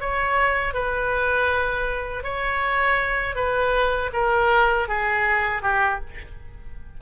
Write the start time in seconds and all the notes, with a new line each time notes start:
0.00 C#5
0.73 B4
2.23 C#5
3.35 B4
4.13 A#4
4.88 G#4
5.62 G4